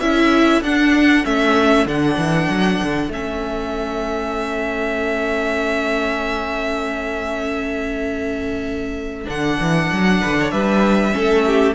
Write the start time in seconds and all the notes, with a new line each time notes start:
0.00 C#4 E4 A4 E5
0.61 D4 F#5
1.24 A3 C#4 E5
1.85 D3 D4 F#5
2.17 E3
2.49 F#3
2.83 D3
3.08 A3 C#4 E5
9.25 D3 D4 F#5
9.60 E3
9.92 F#3
10.21 D3 B4
10.40 C#5
10.51 G3 B4 E5
11.12 A3 C#4 A4
11.46 G4